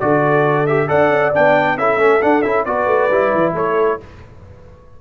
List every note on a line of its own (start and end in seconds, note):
0.00 0.90 D3
0.00 0.67 F#4
0.00 0.89 A4
0.00 0.66 D5
0.66 0.87 G4
0.66 0.88 E5
0.87 1.09 D4
0.87 1.31 A4
0.87 1.77 D5
0.87 1.33 F#5
1.09 1.31 C#4
1.34 1.77 B3
1.34 1.78 D4
1.34 1.78 G5
1.77 1.97 C#4
1.77 1.98 E4
1.77 2.66 A4
1.77 2.22 E5
1.97 2.19 A3
1.97 2.20 C#4
2.21 2.43 D4
2.21 2.45 D4
2.21 2.42 F#5
2.42 2.65 C#4
2.42 2.66 E4
2.42 2.64 E5
2.65 2.86 B3
2.65 3.11 F#4
2.65 3.54 B4
2.65 3.53 D5
2.86 3.08 A3
3.09 3.32 G3
3.09 4.00 E4
3.35 3.54 E3
3.54 3.98 A3
3.54 3.99 A4
3.54 4.01 C#5